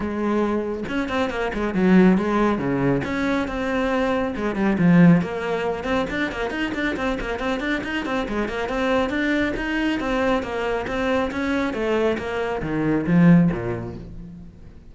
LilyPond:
\new Staff \with { instrumentName = "cello" } { \time 4/4 \tempo 4 = 138 gis2 cis'8 c'8 ais8 gis8 | fis4 gis4 cis4 cis'4 | c'2 gis8 g8 f4 | ais4. c'8 d'8 ais8 dis'8 d'8 |
c'8 ais8 c'8 d'8 dis'8 c'8 gis8 ais8 | c'4 d'4 dis'4 c'4 | ais4 c'4 cis'4 a4 | ais4 dis4 f4 ais,4 | }